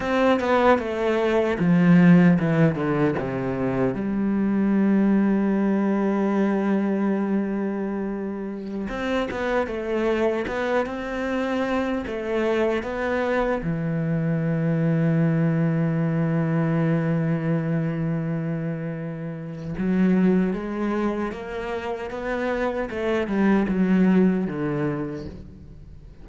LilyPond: \new Staff \with { instrumentName = "cello" } { \time 4/4 \tempo 4 = 76 c'8 b8 a4 f4 e8 d8 | c4 g2.~ | g2.~ g16 c'8 b16~ | b16 a4 b8 c'4. a8.~ |
a16 b4 e2~ e8.~ | e1~ | e4 fis4 gis4 ais4 | b4 a8 g8 fis4 d4 | }